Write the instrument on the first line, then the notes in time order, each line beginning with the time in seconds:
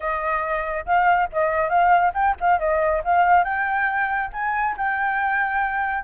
flute
0.00 D#5
0.85 F5
1.32 D#5
1.69 F5
2.14 G5
2.40 F5
2.59 D#5
3.04 F5
3.44 G5
4.33 G#5
4.77 G5